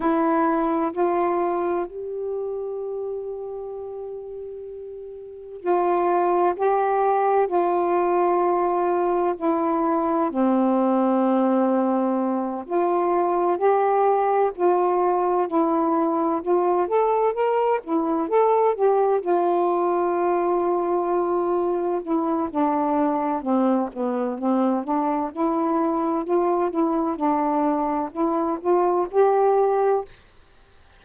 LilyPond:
\new Staff \with { instrumentName = "saxophone" } { \time 4/4 \tempo 4 = 64 e'4 f'4 g'2~ | g'2 f'4 g'4 | f'2 e'4 c'4~ | c'4. f'4 g'4 f'8~ |
f'8 e'4 f'8 a'8 ais'8 e'8 a'8 | g'8 f'2. e'8 | d'4 c'8 b8 c'8 d'8 e'4 | f'8 e'8 d'4 e'8 f'8 g'4 | }